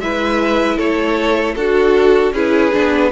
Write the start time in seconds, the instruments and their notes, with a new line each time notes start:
0.00 cello G#3, viola E4, violin B4 E5
0.77 cello A3, violin A4 C#5
1.55 cello D4, viola F#4, violin F#4 A4
2.32 cello C#4, viola E4, violin G#4 B4
2.72 cello B3, viola D4